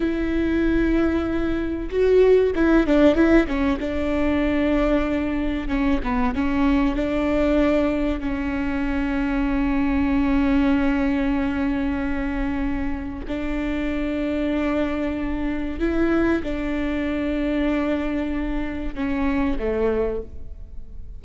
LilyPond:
\new Staff \with { instrumentName = "viola" } { \time 4/4 \tempo 4 = 95 e'2. fis'4 | e'8 d'8 e'8 cis'8 d'2~ | d'4 cis'8 b8 cis'4 d'4~ | d'4 cis'2.~ |
cis'1~ | cis'4 d'2.~ | d'4 e'4 d'2~ | d'2 cis'4 a4 | }